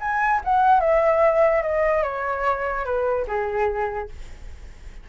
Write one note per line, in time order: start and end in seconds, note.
0.00 0.41 G#5
0.44 0.80 F#5
0.80 1.62 E5
1.62 2.03 D#5
2.03 2.85 C#5
2.85 3.26 B4
3.27 4.09 G#4